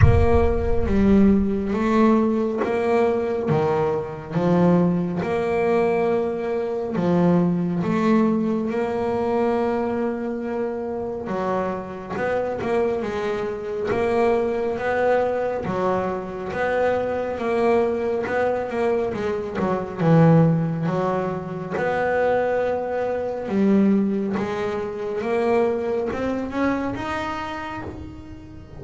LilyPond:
\new Staff \with { instrumentName = "double bass" } { \time 4/4 \tempo 4 = 69 ais4 g4 a4 ais4 | dis4 f4 ais2 | f4 a4 ais2~ | ais4 fis4 b8 ais8 gis4 |
ais4 b4 fis4 b4 | ais4 b8 ais8 gis8 fis8 e4 | fis4 b2 g4 | gis4 ais4 c'8 cis'8 dis'4 | }